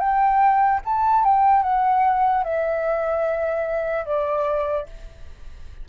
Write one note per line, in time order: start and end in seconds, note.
0.00 0.81 G5
0.86 1.25 A5
1.25 1.63 G5
1.63 2.44 F#5
2.44 4.05 E5
4.05 4.86 D5